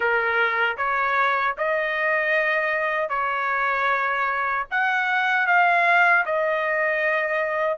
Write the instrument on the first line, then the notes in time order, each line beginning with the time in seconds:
trumpet
0.00 A#4
0.77 C#5
1.57 D#5
3.09 C#5
4.70 F#5
5.47 F5
6.25 D#5